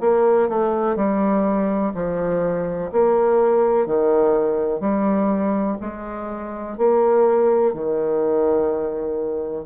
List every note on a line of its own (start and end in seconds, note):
0.00 0.48 A#3
0.48 0.95 A3
0.95 1.92 G3
1.94 2.91 F3
2.92 3.86 A#3
3.86 4.80 D#3
4.80 5.77 G3
5.80 6.77 G#3
6.77 7.73 A#3
7.73 9.65 D#3